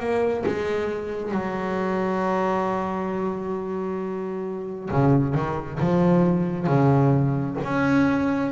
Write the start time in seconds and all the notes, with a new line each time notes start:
0.00 A#3
0.46 G#3
1.32 F#3
4.91 C#3
5.35 D#3
5.80 F3
6.67 C#3
7.64 C#4